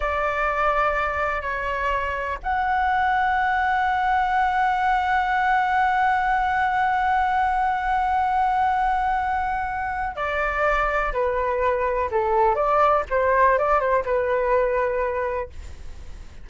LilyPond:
\new Staff \with { instrumentName = "flute" } { \time 4/4 \tempo 4 = 124 d''2. cis''4~ | cis''4 fis''2.~ | fis''1~ | fis''1~ |
fis''1~ | fis''4 d''2 b'4~ | b'4 a'4 d''4 c''4 | d''8 c''8 b'2. | }